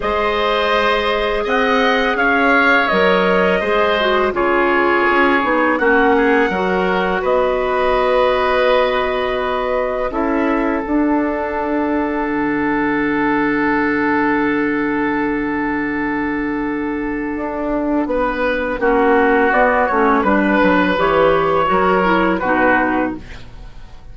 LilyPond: <<
  \new Staff \with { instrumentName = "trumpet" } { \time 4/4 \tempo 4 = 83 dis''2 fis''4 f''4 | dis''2 cis''2 | fis''2 dis''2~ | dis''2 e''4 fis''4~ |
fis''1~ | fis''1~ | fis''2. d''8 cis''8 | b'4 cis''2 b'4 | }
  \new Staff \with { instrumentName = "oboe" } { \time 4/4 c''2 dis''4 cis''4~ | cis''4 c''4 gis'2 | fis'8 gis'8 ais'4 b'2~ | b'2 a'2~ |
a'1~ | a'1~ | a'4 b'4 fis'2 | b'2 ais'4 fis'4 | }
  \new Staff \with { instrumentName = "clarinet" } { \time 4/4 gis'1 | ais'4 gis'8 fis'8 f'4. dis'8 | cis'4 fis'2.~ | fis'2 e'4 d'4~ |
d'1~ | d'1~ | d'2 cis'4 b8 cis'8 | d'4 g'4 fis'8 e'8 dis'4 | }
  \new Staff \with { instrumentName = "bassoon" } { \time 4/4 gis2 c'4 cis'4 | fis4 gis4 cis4 cis'8 b8 | ais4 fis4 b2~ | b2 cis'4 d'4~ |
d'4 d2.~ | d1 | d'4 b4 ais4 b8 a8 | g8 fis8 e4 fis4 b,4 | }
>>